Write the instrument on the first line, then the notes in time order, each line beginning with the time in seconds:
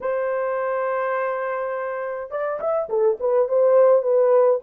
horn
0.00 C5
2.30 D5
2.60 E5
2.89 A4
3.20 B4
3.48 C5
4.02 B4